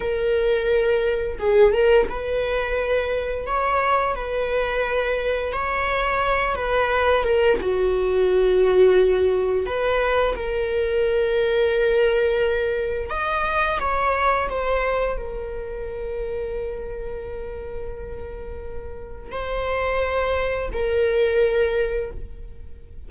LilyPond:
\new Staff \with { instrumentName = "viola" } { \time 4/4 \tempo 4 = 87 ais'2 gis'8 ais'8 b'4~ | b'4 cis''4 b'2 | cis''4. b'4 ais'8 fis'4~ | fis'2 b'4 ais'4~ |
ais'2. dis''4 | cis''4 c''4 ais'2~ | ais'1 | c''2 ais'2 | }